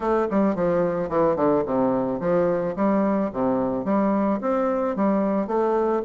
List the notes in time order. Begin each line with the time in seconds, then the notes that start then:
0.00 A3
0.30 G3
0.55 F3
1.09 E3
1.36 D3
1.65 C3
2.20 F3
2.75 G3
3.32 C3
3.85 G3
4.40 C4
4.96 G3
5.47 A3